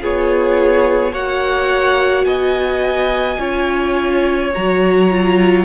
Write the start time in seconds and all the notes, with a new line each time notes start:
0.00 B3 F4 G#4 C#5
1.12 A#3 F#4 C#5 F#5
2.24 B3 D#5 G#5
3.39 C#4 F4 C#5
4.53 F#3 F#4 A#5
5.11 F4